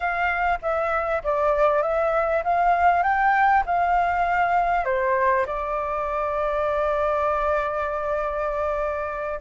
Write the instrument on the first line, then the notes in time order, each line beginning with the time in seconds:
flute
0.00 F5
0.61 E5
1.23 D5
1.82 E5
2.44 F5
3.02 G5
3.65 F5
4.85 C5
5.46 D5